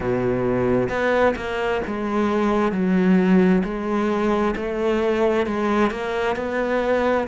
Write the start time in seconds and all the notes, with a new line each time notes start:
0.00 B2
0.89 B3
1.36 A#3
1.86 G#3
2.71 F#3
3.64 G#3
4.56 A3
5.46 G#3
5.90 A#3
6.36 B3